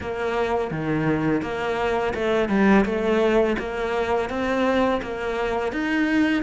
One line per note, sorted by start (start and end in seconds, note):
0.00 0.70 A#3
0.70 1.42 D#3
1.42 2.13 A#3
2.14 2.48 A3
2.48 2.84 G3
2.85 3.56 A3
3.58 4.29 A#3
4.29 5.01 C4
5.02 5.72 A#3
5.72 6.43 D#4